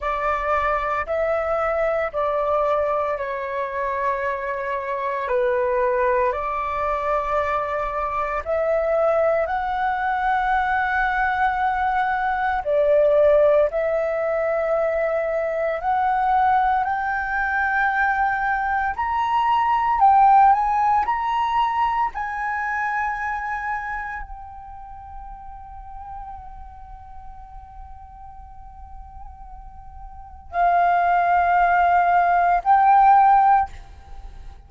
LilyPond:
\new Staff \with { instrumentName = "flute" } { \time 4/4 \tempo 4 = 57 d''4 e''4 d''4 cis''4~ | cis''4 b'4 d''2 | e''4 fis''2. | d''4 e''2 fis''4 |
g''2 ais''4 g''8 gis''8 | ais''4 gis''2 g''4~ | g''1~ | g''4 f''2 g''4 | }